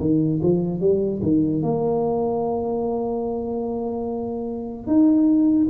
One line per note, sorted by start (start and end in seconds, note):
0.00 0.41 D#3
0.42 0.80 F3
0.80 1.21 G3
1.22 1.63 D#3
1.63 4.86 A#3
4.86 5.68 D#4